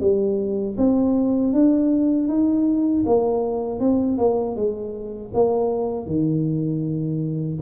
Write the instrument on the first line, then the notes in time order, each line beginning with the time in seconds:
tuba
0.00 G3
0.77 C4
1.53 D4
2.28 D#4
3.06 A#3
3.80 C4
4.18 A#3
4.56 G#3
5.34 A#3
6.06 D#3